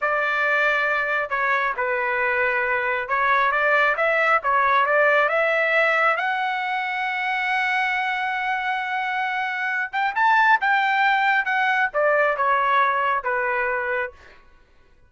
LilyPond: \new Staff \with { instrumentName = "trumpet" } { \time 4/4 \tempo 4 = 136 d''2. cis''4 | b'2. cis''4 | d''4 e''4 cis''4 d''4 | e''2 fis''2~ |
fis''1~ | fis''2~ fis''8 g''8 a''4 | g''2 fis''4 d''4 | cis''2 b'2 | }